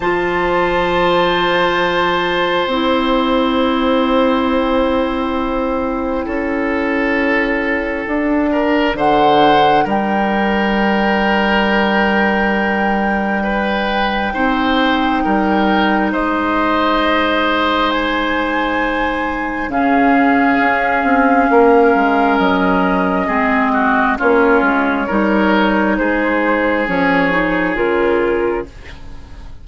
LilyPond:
<<
  \new Staff \with { instrumentName = "flute" } { \time 4/4 \tempo 4 = 67 a''2. g''4~ | g''1~ | g''2 fis''4 g''4~ | g''1~ |
g''2 dis''2 | gis''2 f''2~ | f''4 dis''2 cis''4~ | cis''4 c''4 cis''4 ais'4 | }
  \new Staff \with { instrumentName = "oboe" } { \time 4/4 c''1~ | c''2. a'4~ | a'4. ais'8 c''4 ais'4~ | ais'2. b'4 |
c''4 ais'4 c''2~ | c''2 gis'2 | ais'2 gis'8 fis'8 f'4 | ais'4 gis'2. | }
  \new Staff \with { instrumentName = "clarinet" } { \time 4/4 f'2. e'4~ | e'1~ | e'4 d'2.~ | d'1 |
dis'1~ | dis'2 cis'2~ | cis'2 c'4 cis'4 | dis'2 cis'8 dis'8 f'4 | }
  \new Staff \with { instrumentName = "bassoon" } { \time 4/4 f2. c'4~ | c'2. cis'4~ | cis'4 d'4 d4 g4~ | g1 |
c'4 g4 gis2~ | gis2 cis4 cis'8 c'8 | ais8 gis8 fis4 gis4 ais8 gis8 | g4 gis4 f4 cis4 | }
>>